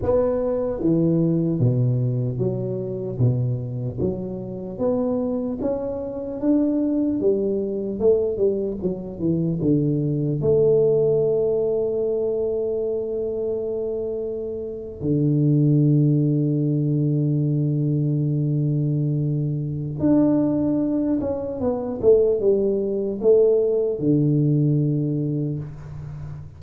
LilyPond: \new Staff \with { instrumentName = "tuba" } { \time 4/4 \tempo 4 = 75 b4 e4 b,4 fis4 | b,4 fis4 b4 cis'4 | d'4 g4 a8 g8 fis8 e8 | d4 a2.~ |
a2~ a8. d4~ d16~ | d1~ | d4 d'4. cis'8 b8 a8 | g4 a4 d2 | }